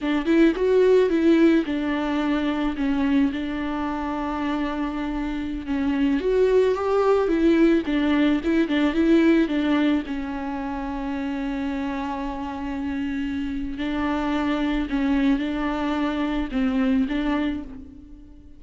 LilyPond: \new Staff \with { instrumentName = "viola" } { \time 4/4 \tempo 4 = 109 d'8 e'8 fis'4 e'4 d'4~ | d'4 cis'4 d'2~ | d'2~ d'16 cis'4 fis'8.~ | fis'16 g'4 e'4 d'4 e'8 d'16~ |
d'16 e'4 d'4 cis'4.~ cis'16~ | cis'1~ | cis'4 d'2 cis'4 | d'2 c'4 d'4 | }